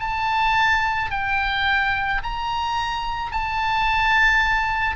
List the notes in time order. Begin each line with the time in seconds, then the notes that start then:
0.00 A5
1.11 G5
2.23 A#5
3.32 A5